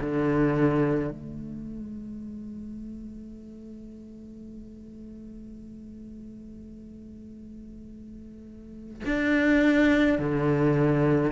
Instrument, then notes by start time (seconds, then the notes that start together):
cello
0.00 D3
1.11 A3
9.06 D4
10.18 D3